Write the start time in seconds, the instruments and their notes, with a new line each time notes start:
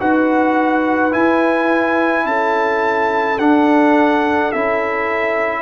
0.00 tuba D#4, trombone F#4, horn B4, trumpet F#5
1.12 trombone E4, tuba E4, trumpet G#5
2.25 tuba C#4, horn A4, trumpet A5
3.38 tuba D4, trombone D4, trumpet F#5
4.52 tuba C#4, trombone E4, trumpet E5